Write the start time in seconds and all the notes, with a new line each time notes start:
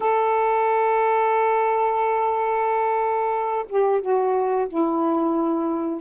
0.00 A4
3.68 G4
4.01 F#4
4.68 E4